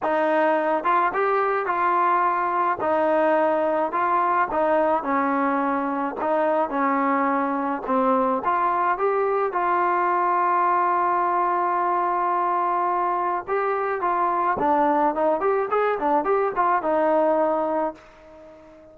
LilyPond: \new Staff \with { instrumentName = "trombone" } { \time 4/4 \tempo 4 = 107 dis'4. f'8 g'4 f'4~ | f'4 dis'2 f'4 | dis'4 cis'2 dis'4 | cis'2 c'4 f'4 |
g'4 f'2.~ | f'1 | g'4 f'4 d'4 dis'8 g'8 | gis'8 d'8 g'8 f'8 dis'2 | }